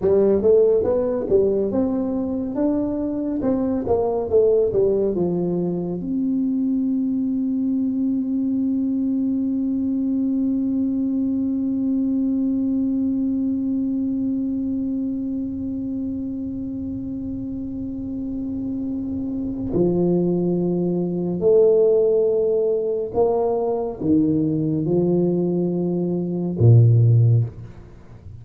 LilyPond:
\new Staff \with { instrumentName = "tuba" } { \time 4/4 \tempo 4 = 70 g8 a8 b8 g8 c'4 d'4 | c'8 ais8 a8 g8 f4 c'4~ | c'1~ | c'1~ |
c'1~ | c'2. f4~ | f4 a2 ais4 | dis4 f2 ais,4 | }